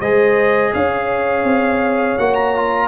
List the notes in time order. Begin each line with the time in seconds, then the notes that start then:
0.00 G#3 G#4 C5 D#5
0.74 C#4 C#5 F5
1.44 C4
2.19 A#3 F#4 F#5
2.34 A#5
2.55 F4